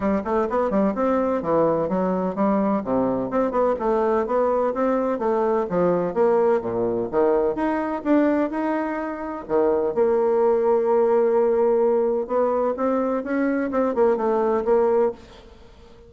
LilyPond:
\new Staff \with { instrumentName = "bassoon" } { \time 4/4 \tempo 4 = 127 g8 a8 b8 g8 c'4 e4 | fis4 g4 c4 c'8 b8 | a4 b4 c'4 a4 | f4 ais4 ais,4 dis4 |
dis'4 d'4 dis'2 | dis4 ais2.~ | ais2 b4 c'4 | cis'4 c'8 ais8 a4 ais4 | }